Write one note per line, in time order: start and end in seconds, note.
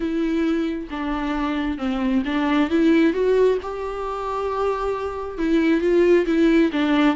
0.00 0.88 E4
0.90 1.77 D4
1.77 2.22 C4
2.25 2.69 D4
2.69 3.13 E4
3.13 3.57 F#4
3.62 5.37 G4
5.37 5.80 E4
5.80 6.25 F4
6.26 6.70 E4
6.72 7.16 D4